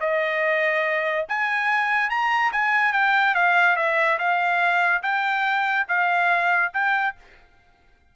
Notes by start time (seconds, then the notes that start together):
0.00 D#5
1.29 G#5
2.10 A#5
2.52 G#5
2.93 G5
3.35 F5
3.76 E5
4.18 F5
5.03 G5
5.88 F5
6.73 G5